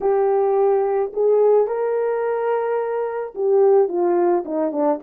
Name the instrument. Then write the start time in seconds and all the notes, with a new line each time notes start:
horn
0.00 G4
1.13 G#4
1.67 A#4
3.34 G4
3.88 F4
4.45 D#4
4.71 D4